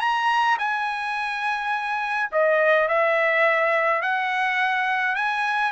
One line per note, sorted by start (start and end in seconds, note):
0.00 0.57 A#5
0.58 2.30 G#5
2.31 2.88 D#5
2.88 4.01 E5
4.01 5.15 F#5
5.15 5.71 G#5